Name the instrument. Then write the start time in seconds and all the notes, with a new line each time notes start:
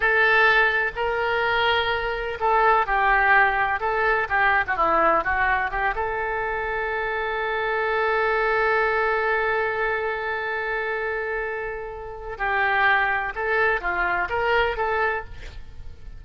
oboe
0.00 A4
0.95 A#4
2.40 A4
2.86 G4
3.79 A4
4.28 G4
4.67 F#4
4.76 E4
5.24 F#4
5.70 G4
5.95 A4
12.37 G4
13.35 A4
13.80 F4
14.29 A#4
14.76 A4